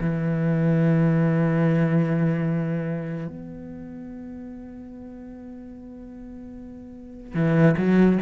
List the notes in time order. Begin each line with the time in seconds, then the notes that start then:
0.00 E3
3.28 B3
7.34 E3
7.77 F#3